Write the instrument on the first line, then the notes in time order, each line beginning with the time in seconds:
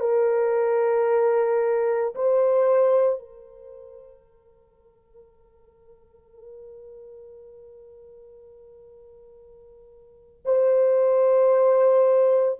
horn
0.00 A#4
2.15 C5
3.19 A#4
10.45 C5